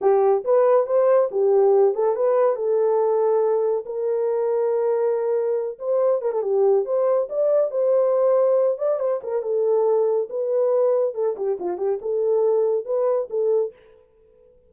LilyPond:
\new Staff \with { instrumentName = "horn" } { \time 4/4 \tempo 4 = 140 g'4 b'4 c''4 g'4~ | g'8 a'8 b'4 a'2~ | a'4 ais'2.~ | ais'4. c''4 ais'16 a'16 g'4 |
c''4 d''4 c''2~ | c''8 d''8 c''8 ais'8 a'2 | b'2 a'8 g'8 f'8 g'8 | a'2 b'4 a'4 | }